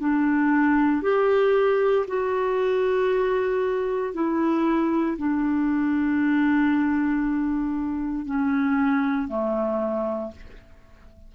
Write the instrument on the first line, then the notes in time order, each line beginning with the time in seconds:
clarinet
0.00 D4
1.03 G4
2.07 F#4
4.14 E4
5.18 D4
8.26 C#4
9.28 A3